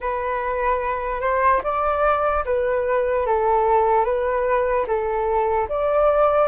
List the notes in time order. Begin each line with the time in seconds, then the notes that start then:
0.00 B4
1.21 C5
1.63 D5
2.45 B4
3.26 A4
4.04 B4
4.86 A4
5.68 D5